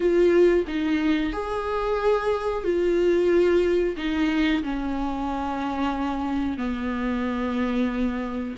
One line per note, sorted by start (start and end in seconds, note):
0.00 0.65 F4
0.67 1.32 D#4
1.32 2.64 G#4
2.64 3.96 F4
3.97 4.62 D#4
4.63 6.57 C#4
6.57 8.55 B3